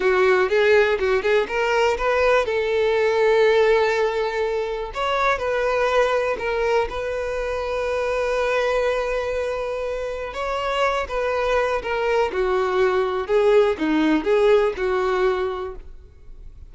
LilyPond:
\new Staff \with { instrumentName = "violin" } { \time 4/4 \tempo 4 = 122 fis'4 gis'4 fis'8 gis'8 ais'4 | b'4 a'2.~ | a'2 cis''4 b'4~ | b'4 ais'4 b'2~ |
b'1~ | b'4 cis''4. b'4. | ais'4 fis'2 gis'4 | dis'4 gis'4 fis'2 | }